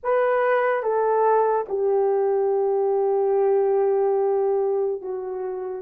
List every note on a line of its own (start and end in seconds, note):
0.03 0.82 B4
0.82 1.66 A4
1.69 5.02 G4
5.02 5.82 F#4